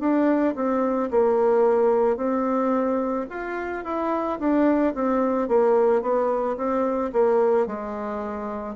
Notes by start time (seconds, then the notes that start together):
0.00 D4
0.56 C4
1.11 A#3
2.17 C4
3.30 F4
3.84 E4
4.39 D4
4.95 C4
5.48 A#3
6.02 B3
6.57 C4
7.13 A#3
7.67 G#3